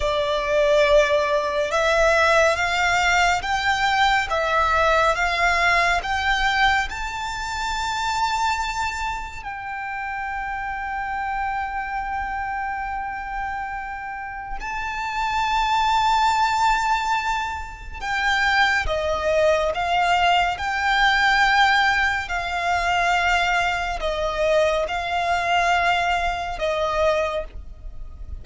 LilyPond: \new Staff \with { instrumentName = "violin" } { \time 4/4 \tempo 4 = 70 d''2 e''4 f''4 | g''4 e''4 f''4 g''4 | a''2. g''4~ | g''1~ |
g''4 a''2.~ | a''4 g''4 dis''4 f''4 | g''2 f''2 | dis''4 f''2 dis''4 | }